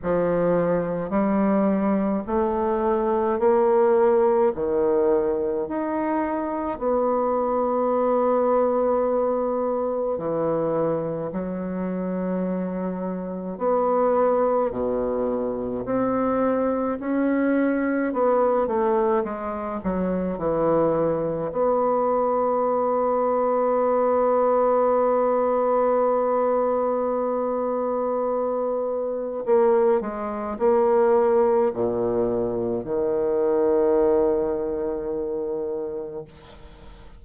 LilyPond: \new Staff \with { instrumentName = "bassoon" } { \time 4/4 \tempo 4 = 53 f4 g4 a4 ais4 | dis4 dis'4 b2~ | b4 e4 fis2 | b4 b,4 c'4 cis'4 |
b8 a8 gis8 fis8 e4 b4~ | b1~ | b2 ais8 gis8 ais4 | ais,4 dis2. | }